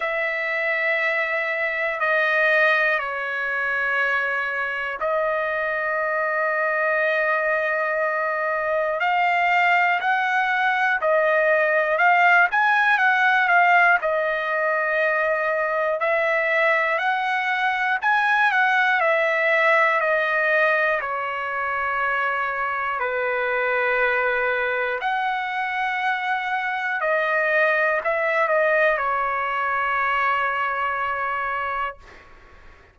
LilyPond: \new Staff \with { instrumentName = "trumpet" } { \time 4/4 \tempo 4 = 60 e''2 dis''4 cis''4~ | cis''4 dis''2.~ | dis''4 f''4 fis''4 dis''4 | f''8 gis''8 fis''8 f''8 dis''2 |
e''4 fis''4 gis''8 fis''8 e''4 | dis''4 cis''2 b'4~ | b'4 fis''2 dis''4 | e''8 dis''8 cis''2. | }